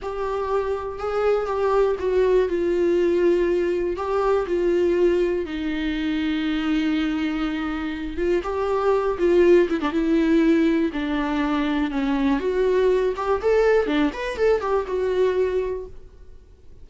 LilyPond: \new Staff \with { instrumentName = "viola" } { \time 4/4 \tempo 4 = 121 g'2 gis'4 g'4 | fis'4 f'2. | g'4 f'2 dis'4~ | dis'1~ |
dis'8 f'8 g'4. f'4 e'16 d'16 | e'2 d'2 | cis'4 fis'4. g'8 a'4 | d'8 b'8 a'8 g'8 fis'2 | }